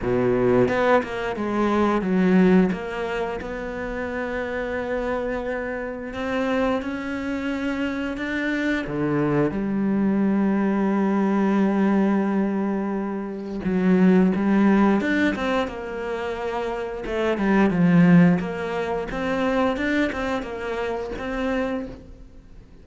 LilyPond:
\new Staff \with { instrumentName = "cello" } { \time 4/4 \tempo 4 = 88 b,4 b8 ais8 gis4 fis4 | ais4 b2.~ | b4 c'4 cis'2 | d'4 d4 g2~ |
g1 | fis4 g4 d'8 c'8 ais4~ | ais4 a8 g8 f4 ais4 | c'4 d'8 c'8 ais4 c'4 | }